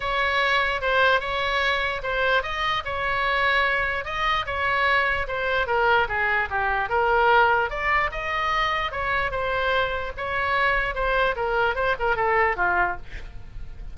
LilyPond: \new Staff \with { instrumentName = "oboe" } { \time 4/4 \tempo 4 = 148 cis''2 c''4 cis''4~ | cis''4 c''4 dis''4 cis''4~ | cis''2 dis''4 cis''4~ | cis''4 c''4 ais'4 gis'4 |
g'4 ais'2 d''4 | dis''2 cis''4 c''4~ | c''4 cis''2 c''4 | ais'4 c''8 ais'8 a'4 f'4 | }